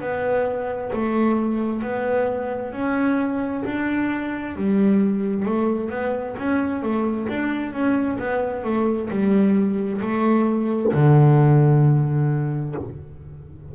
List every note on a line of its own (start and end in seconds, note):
0.00 0.91 B3
0.92 1.82 A3
1.82 2.72 B3
2.72 3.63 C#4
3.64 4.55 D4
4.56 5.45 G3
5.45 5.90 A3
5.90 6.35 B3
6.37 6.82 C#4
6.82 7.28 A3
7.28 7.72 D4
7.72 8.18 C#4
8.19 8.64 B3
8.64 9.09 A3
9.10 10.00 G3
10.01 10.92 A3
10.93 12.75 D3